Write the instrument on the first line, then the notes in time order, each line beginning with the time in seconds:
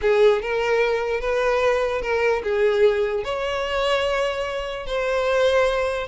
violin
0.01 G#4
0.41 A#4
1.20 B4
2.01 A#4
2.43 G#4
3.24 C#5
4.86 C5